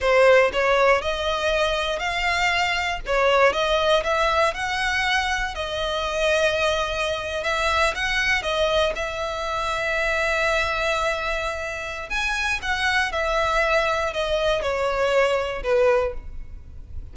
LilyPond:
\new Staff \with { instrumentName = "violin" } { \time 4/4 \tempo 4 = 119 c''4 cis''4 dis''2 | f''2 cis''4 dis''4 | e''4 fis''2 dis''4~ | dis''2~ dis''8. e''4 fis''16~ |
fis''8. dis''4 e''2~ e''16~ | e''1 | gis''4 fis''4 e''2 | dis''4 cis''2 b'4 | }